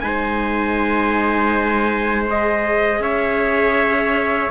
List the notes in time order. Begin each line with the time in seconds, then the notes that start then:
0.00 G#3 D#4 C5 G#5
2.30 G#4 D#5
3.00 C#4 C#5 E5